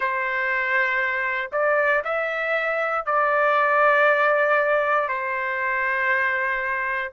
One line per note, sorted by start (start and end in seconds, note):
0.00 1.50 C5
1.52 2.02 D5
2.04 3.05 E5
3.05 5.08 D5
5.08 7.11 C5